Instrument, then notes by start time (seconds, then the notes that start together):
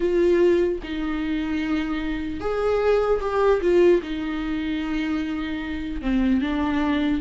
viola
0.00 F4
0.83 D#4
2.40 G#4
3.20 G4
3.61 F4
4.02 D#4
6.01 C4
6.41 D4